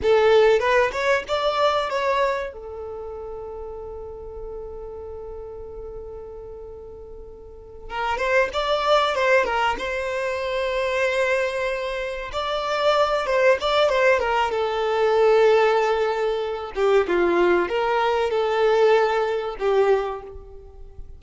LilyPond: \new Staff \with { instrumentName = "violin" } { \time 4/4 \tempo 4 = 95 a'4 b'8 cis''8 d''4 cis''4 | a'1~ | a'1~ | a'8 ais'8 c''8 d''4 c''8 ais'8 c''8~ |
c''2.~ c''8 d''8~ | d''4 c''8 d''8 c''8 ais'8 a'4~ | a'2~ a'8 g'8 f'4 | ais'4 a'2 g'4 | }